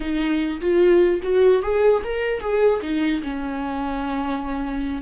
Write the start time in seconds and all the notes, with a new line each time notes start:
0.00 D#4
0.60 F4
1.22 F#4
1.62 G#4
2.03 A#4
2.40 G#4
2.81 D#4
3.23 C#4